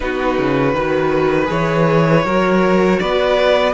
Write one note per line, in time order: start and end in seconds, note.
0.00 0.38 B3
0.00 0.73 D#4
0.00 0.75 F#4
0.00 1.50 B4
0.38 0.73 C#3
0.73 1.48 D#3
0.73 1.45 F#4
0.73 2.25 B4
1.45 2.24 E3
1.45 2.20 G#4
1.45 3.00 C#5
2.24 2.99 F#3
2.24 3.73 F#4
2.24 3.00 A#4
3.00 3.73 B3
3.00 3.73 B4
3.00 3.73 D5